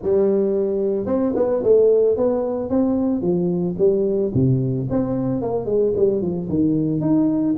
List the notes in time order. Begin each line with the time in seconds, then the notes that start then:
0.02 G3
1.06 C4
1.35 B3
1.63 A3
2.16 B3
2.69 C4
3.21 F3
3.78 G3
4.34 C3
4.90 C4
5.41 A#3
5.65 G#3
5.96 G3
6.21 F3
6.49 D#3
7.00 D#4